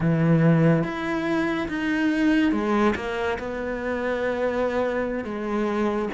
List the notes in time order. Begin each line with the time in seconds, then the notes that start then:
0.00 E3
0.83 E4
1.68 D#4
2.52 G#3
2.95 A#3
3.38 B3
5.24 G#3